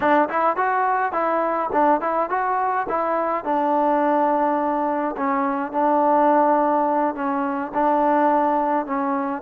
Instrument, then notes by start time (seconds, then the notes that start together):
trombone
0.00 D4
0.29 E4
0.56 F#4
1.12 E4
1.72 D4
2.01 E4
2.29 F#4
2.88 E4
3.44 D4
5.16 C#4
5.71 D4
7.15 C#4
7.74 D4
8.86 C#4